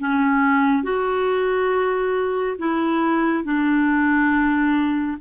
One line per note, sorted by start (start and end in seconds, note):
0.00 0.84 C#4
0.84 2.58 F#4
2.59 3.45 E4
3.45 5.19 D4